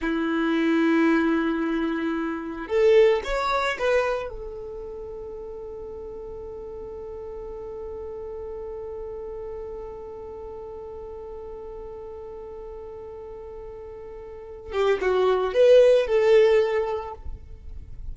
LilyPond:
\new Staff \with { instrumentName = "violin" } { \time 4/4 \tempo 4 = 112 e'1~ | e'4 a'4 cis''4 b'4 | a'1~ | a'1~ |
a'1~ | a'1~ | a'2.~ a'8 g'8 | fis'4 b'4 a'2 | }